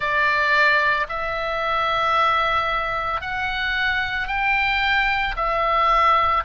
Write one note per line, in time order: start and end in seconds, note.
0.00 1.06 D5
1.09 3.21 E5
3.21 4.27 F#5
4.27 5.34 G5
5.36 6.43 E5